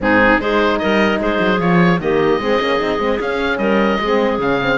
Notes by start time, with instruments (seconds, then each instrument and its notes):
0.01 cello G#2, horn C4, clarinet D#4, oboe G#4
0.39 cello G#3, horn D#4, clarinet G#4, oboe C5
0.79 cello G3, clarinet A#4, oboe D#5
1.18 cello G#3, clarinet G#4, oboe C5
1.40 cello F#3
1.59 cello F3, horn F4, oboe C#5
1.99 cello D#3, horn A#3, clarinet G4, oboe D#5
2.39 cello G#3, horn C4, clarinet G#4
2.60 cello A#3, horn C#4
2.78 cello C4, horn D#4
2.98 cello G#3, horn C4
3.19 cello C#4, horn C#4, oboe F5
3.58 cello G3, clarinet A#4, oboe D#5
3.99 cello G#3, horn C4, clarinet G#4
4.38 cello C#3, horn C#4, oboe F5
4.61 horn C4